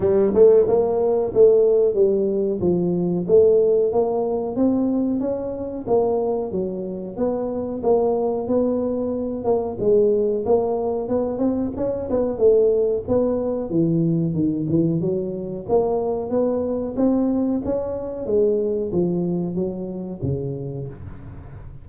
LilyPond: \new Staff \with { instrumentName = "tuba" } { \time 4/4 \tempo 4 = 92 g8 a8 ais4 a4 g4 | f4 a4 ais4 c'4 | cis'4 ais4 fis4 b4 | ais4 b4. ais8 gis4 |
ais4 b8 c'8 cis'8 b8 a4 | b4 e4 dis8 e8 fis4 | ais4 b4 c'4 cis'4 | gis4 f4 fis4 cis4 | }